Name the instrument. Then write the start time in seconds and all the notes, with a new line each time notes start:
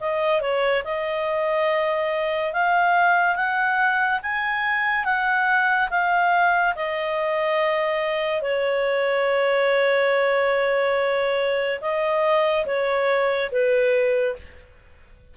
clarinet
0.00 D#5
0.41 C#5
0.84 D#5
2.53 F5
3.35 F#5
4.22 G#5
5.04 F#5
5.90 F5
6.75 D#5
8.42 C#5
11.81 D#5
12.66 C#5
13.51 B4